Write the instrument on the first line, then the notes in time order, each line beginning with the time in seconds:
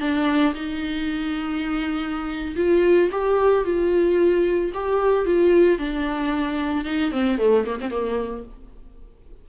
viola
0.00 D4
0.54 D#4
2.56 F4
3.11 G4
3.64 F4
4.74 G4
5.25 F4
5.78 D4
6.85 D#4
7.11 C4
7.38 A3
7.65 A#3
7.80 C4
7.90 A#3